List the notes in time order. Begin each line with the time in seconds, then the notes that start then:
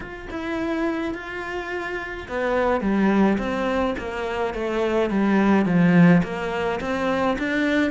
0.00 F4
0.30 E4
1.14 F4
2.28 B3
2.80 G3
3.38 C4
3.98 A#3
4.54 A3
5.09 G3
5.65 F3
6.23 A#3
6.80 C4
7.38 D4